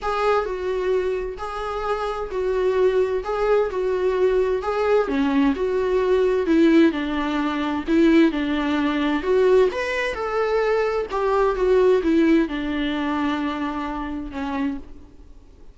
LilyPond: \new Staff \with { instrumentName = "viola" } { \time 4/4 \tempo 4 = 130 gis'4 fis'2 gis'4~ | gis'4 fis'2 gis'4 | fis'2 gis'4 cis'4 | fis'2 e'4 d'4~ |
d'4 e'4 d'2 | fis'4 b'4 a'2 | g'4 fis'4 e'4 d'4~ | d'2. cis'4 | }